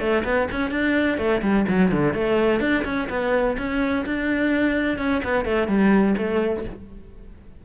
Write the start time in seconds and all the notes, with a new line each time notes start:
0.00 A3
0.24 B3
0.52 C#4
0.71 D4
1.18 A3
1.42 G3
1.69 F#3
1.92 D3
2.14 A3
2.60 D4
2.85 C#4
3.09 B3
3.58 C#4
4.06 D4
4.98 C#4
5.24 B3
5.45 A3
5.68 G3
6.17 A3